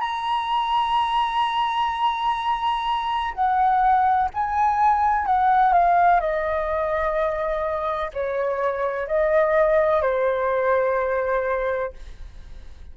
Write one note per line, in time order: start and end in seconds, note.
0.00 3.33 A#5
3.34 4.29 F#5
4.33 5.26 G#5
5.26 5.73 F#5
5.73 6.20 F5
6.20 8.10 D#5
8.13 9.07 C#5
9.07 10.02 D#5
10.02 11.92 C5